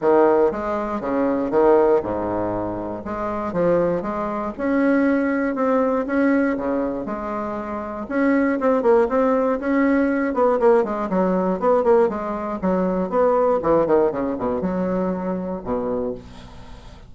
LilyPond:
\new Staff \with { instrumentName = "bassoon" } { \time 4/4 \tempo 4 = 119 dis4 gis4 cis4 dis4 | gis,2 gis4 f4 | gis4 cis'2 c'4 | cis'4 cis4 gis2 |
cis'4 c'8 ais8 c'4 cis'4~ | cis'8 b8 ais8 gis8 fis4 b8 ais8 | gis4 fis4 b4 e8 dis8 | cis8 b,8 fis2 b,4 | }